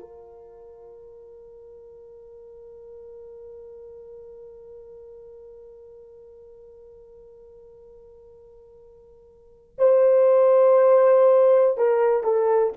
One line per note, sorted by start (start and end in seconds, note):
0.00 9.75 A#4
9.78 11.77 C5
11.77 12.24 A#4
12.24 12.74 A4